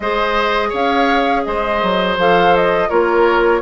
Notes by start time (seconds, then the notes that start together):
0.00 G#3 G#4 C5 D#5
0.69 C#4 C#5 F5
1.43 G#3 C5 D#5
1.82 F#3
2.17 F3 A4 F5
2.56 D#5
2.89 A#3 F4 A#4 C#5